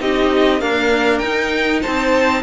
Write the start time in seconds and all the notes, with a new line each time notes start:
0.00 C4 D#4 G4 D#5
0.61 A#3 D4 A#4 F5
1.19 D#4 G5
1.26 D#4
1.82 C4 C5 A5